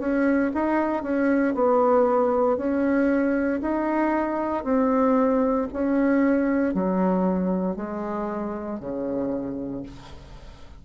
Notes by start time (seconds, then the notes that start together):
0.00 C#4
0.55 D#4
1.03 C#4
1.55 B3
2.58 C#4
3.62 D#4
4.65 C4
5.73 C#4
6.74 F#3
7.76 G#3
8.80 C#3